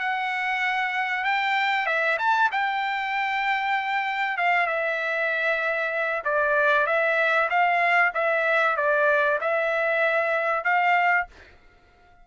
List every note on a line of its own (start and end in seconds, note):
0.00 1.25 F#5
1.25 1.87 G5
1.87 2.18 E5
2.19 2.50 A5
2.52 4.38 G5
4.38 4.67 F5
4.67 6.23 E5
6.25 6.87 D5
6.87 7.49 E5
7.50 8.13 F5
8.15 8.77 E5
8.77 9.39 D5
9.41 10.65 E5
10.65 11.27 F5